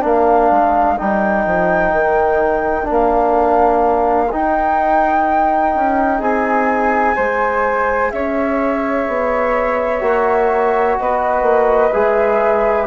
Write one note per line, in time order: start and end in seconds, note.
0.00 0.51 A#3
0.00 0.95 D4
0.00 6.19 A#4
0.00 0.98 F5
0.51 0.98 G#3
0.98 1.46 G3
0.98 2.84 D#4
0.98 2.88 G5
1.46 1.92 F3
1.92 2.87 D#3
2.84 4.27 D4
2.90 4.33 A#3
2.90 4.31 F5
4.31 7.16 D#4
4.31 5.75 D#4
4.31 6.21 G5
5.75 6.20 C#4
6.19 7.15 C4
6.19 7.15 G#4
6.19 8.11 G#5
7.16 8.12 G#3
7.16 10.00 G#4
7.16 8.11 C5
8.11 9.07 C#4
8.11 11.00 C#5
8.11 10.97 E5
9.08 10.01 B3
10.00 10.96 A#3
10.00 11.91 F#4
10.98 11.42 B3
10.98 12.87 B4
10.98 11.92 D#5
11.42 11.90 A#3
11.92 12.87 G#3
11.92 12.87 G#4
11.92 12.87 E5